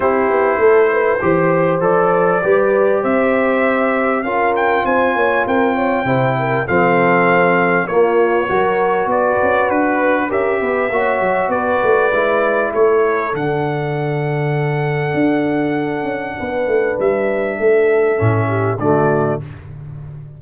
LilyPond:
<<
  \new Staff \with { instrumentName = "trumpet" } { \time 4/4 \tempo 4 = 99 c''2. d''4~ | d''4 e''2 f''8 g''8 | gis''4 g''2 f''4~ | f''4 cis''2 d''4 |
b'4 e''2 d''4~ | d''4 cis''4 fis''2~ | fis''1 | e''2. d''4 | }
  \new Staff \with { instrumentName = "horn" } { \time 4/4 g'4 a'8 b'8 c''2 | b'4 c''2 ais'4 | c''8 cis''8 ais'8 cis''8 c''8 ais'8 a'4~ | a'4 f'4 ais'4 b'4~ |
b'4 ais'8 b'8 cis''4 b'4~ | b'4 a'2.~ | a'2. b'4~ | b'4 a'4. g'8 fis'4 | }
  \new Staff \with { instrumentName = "trombone" } { \time 4/4 e'2 g'4 a'4 | g'2. f'4~ | f'2 e'4 c'4~ | c'4 ais4 fis'2~ |
fis'4 g'4 fis'2 | e'2 d'2~ | d'1~ | d'2 cis'4 a4 | }
  \new Staff \with { instrumentName = "tuba" } { \time 4/4 c'8 b8 a4 e4 f4 | g4 c'2 cis'4 | c'8 ais8 c'4 c4 f4~ | f4 ais4 fis4 b8 cis'8 |
d'4 cis'8 b8 ais8 fis8 b8 a8 | gis4 a4 d2~ | d4 d'4. cis'8 b8 a8 | g4 a4 a,4 d4 | }
>>